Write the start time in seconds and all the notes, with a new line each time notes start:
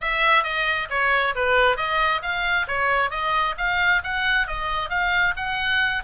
0.01 E5
0.43 D#5
0.90 C#5
1.35 B4
1.77 D#5
2.22 F5
2.67 C#5
3.10 D#5
3.57 F5
4.03 F#5
4.47 D#5
4.89 F5
5.36 F#5